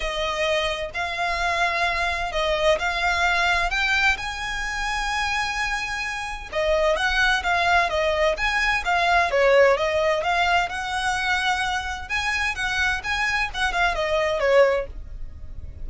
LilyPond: \new Staff \with { instrumentName = "violin" } { \time 4/4 \tempo 4 = 129 dis''2 f''2~ | f''4 dis''4 f''2 | g''4 gis''2.~ | gis''2 dis''4 fis''4 |
f''4 dis''4 gis''4 f''4 | cis''4 dis''4 f''4 fis''4~ | fis''2 gis''4 fis''4 | gis''4 fis''8 f''8 dis''4 cis''4 | }